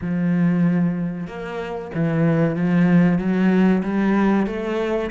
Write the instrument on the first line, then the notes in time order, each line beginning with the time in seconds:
cello
0.01 F3
1.27 A#3
1.94 E3
2.55 F3
3.18 F#3
3.83 G3
4.46 A3